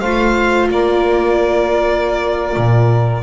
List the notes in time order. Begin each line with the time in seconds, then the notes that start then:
0.00 A3 F4 C5 F5
0.70 A#3 A#4 D5
2.56 A#2